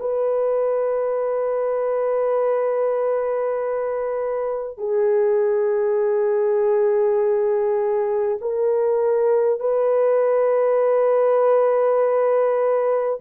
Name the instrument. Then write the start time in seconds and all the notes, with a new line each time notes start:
horn
0.00 B4
4.78 G#4
8.41 A#4
9.59 B4